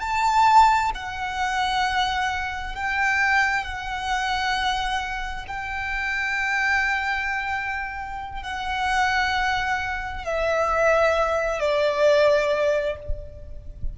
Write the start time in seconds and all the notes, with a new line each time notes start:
0.00 A5
0.95 F#5
2.75 G5
3.64 F#5
5.47 G5
8.43 F#5
10.24 E5
11.60 D5